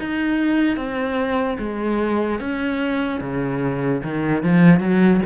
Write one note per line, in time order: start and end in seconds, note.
0.00 0.77 D#4
0.77 1.58 C4
1.59 2.40 G#3
2.40 3.21 C#4
3.21 4.02 C#3
4.04 4.44 D#3
4.44 4.80 F3
4.80 5.21 F#3